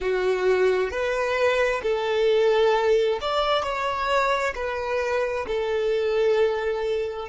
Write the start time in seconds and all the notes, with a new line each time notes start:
0.00 F#4
0.90 B4
1.83 A4
3.21 D5
3.63 C#5
4.55 B4
5.47 A4